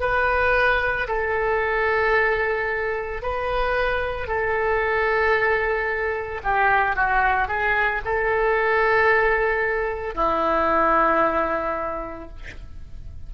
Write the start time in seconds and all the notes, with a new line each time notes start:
0.00 B4
1.08 A4
3.22 B4
4.27 A4
6.43 G4
6.95 F#4
7.48 G#4
8.05 A4
10.14 E4